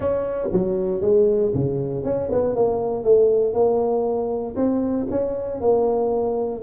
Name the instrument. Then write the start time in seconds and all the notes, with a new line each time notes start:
tuba
0.00 C#4
0.52 F#3
1.01 G#3
1.54 C#3
2.04 C#4
2.31 B3
2.55 A#3
3.04 A3
3.53 A#3
4.56 C4
5.10 C#4
5.60 A#3